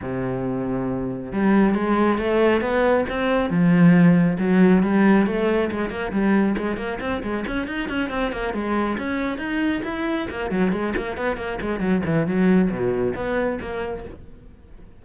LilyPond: \new Staff \with { instrumentName = "cello" } { \time 4/4 \tempo 4 = 137 c2. g4 | gis4 a4 b4 c'4 | f2 fis4 g4 | a4 gis8 ais8 g4 gis8 ais8 |
c'8 gis8 cis'8 dis'8 cis'8 c'8 ais8 gis8~ | gis8 cis'4 dis'4 e'4 ais8 | fis8 gis8 ais8 b8 ais8 gis8 fis8 e8 | fis4 b,4 b4 ais4 | }